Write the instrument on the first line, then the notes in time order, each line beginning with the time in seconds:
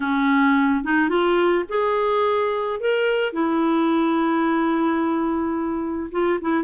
clarinet
0.00 C#4
0.84 D#4
1.09 F4
1.68 G#4
2.80 A#4
3.32 E4
6.11 F4
6.41 E4